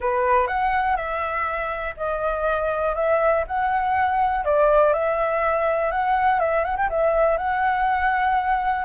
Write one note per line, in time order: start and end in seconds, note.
0.00 0.47 B4
0.47 0.96 F#5
0.96 1.94 E5
1.96 2.95 D#5
2.95 3.44 E5
3.47 4.44 F#5
4.44 4.93 D5
4.93 5.91 E5
5.91 6.39 F#5
6.39 6.64 E5
6.64 6.76 F#5
6.76 6.89 G5
6.89 7.37 E5
7.37 8.85 F#5